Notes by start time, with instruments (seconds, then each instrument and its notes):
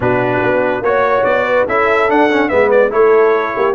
0.00 tuba B2, trombone D4, horn F#4, trumpet B4
0.42 tuba B3
0.81 tuba A#3, trombone F#4, trumpet C#5, horn C#5
1.24 tuba B3, trumpet D5
1.45 horn B4
1.66 tuba C#4, trombone E4, horn A4, trumpet E5
2.08 trombone D4, tuba D4, trumpet F#5
2.30 trombone C#4
2.48 tuba G#3, trombone B3, horn B4, trumpet E5
2.70 trumpet D5
2.90 tuba A3, trombone E4, horn A4, trumpet C#5
3.55 tuba A#3, horn G4